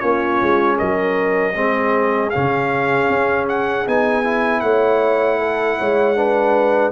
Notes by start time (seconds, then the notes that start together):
0.00 A#3 C#4 F4 C#5
0.42 G#3
0.79 F#3 A#4 D#5
1.55 G#3 C4 G#4
2.30 C#4 F5
2.37 C#3
3.10 C#4
3.49 F#5
3.87 B3 D#4 G#5
4.24 E4
4.61 A3 C#5 F#5
5.39 A4
5.79 G#3 C#5
6.16 D4 B4